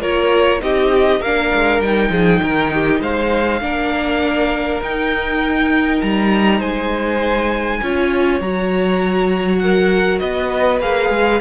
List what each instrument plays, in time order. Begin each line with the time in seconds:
0.00 cello A#3, viola F4, violin A#4 C#5
0.59 cello C4, viola D#4, violin G4 D#5
1.20 cello A#3, viola D4, violin A#4 F5
1.54 cello G#3
1.80 cello G3, viola D#4, violin G5
2.10 cello F3, violin G#4
2.42 cello D#3, violin A#4
2.74 violin G4
3.00 cello G#3, violin C5 F5
3.60 cello A#3, viola D4, violin A#4
4.81 cello D#4, viola D#4, violin G5
6.01 cello G3, violin A#5
6.58 cello G#3, violin C5 G#5
7.82 cello C#4, viola F4, violin C#5
8.41 cello F#3, viola F#4, violin A#5
9.59 violin A#4 F#5
10.19 cello B3, violin B4 D#5
10.80 cello A#3, viola G#4, violin F5
11.10 cello G#3